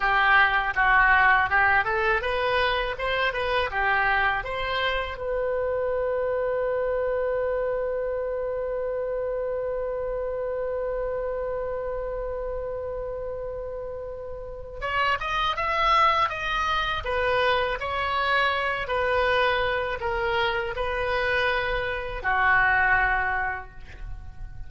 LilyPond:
\new Staff \with { instrumentName = "oboe" } { \time 4/4 \tempo 4 = 81 g'4 fis'4 g'8 a'8 b'4 | c''8 b'8 g'4 c''4 b'4~ | b'1~ | b'1~ |
b'1 | cis''8 dis''8 e''4 dis''4 b'4 | cis''4. b'4. ais'4 | b'2 fis'2 | }